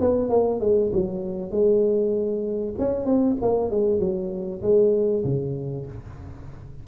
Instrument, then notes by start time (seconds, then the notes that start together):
tuba
0.00 B3
0.29 A#3
0.60 G#3
0.93 F#3
1.51 G#3
2.78 C#4
3.05 C4
3.41 A#3
3.70 G#3
3.99 F#3
4.62 G#3
5.24 C#3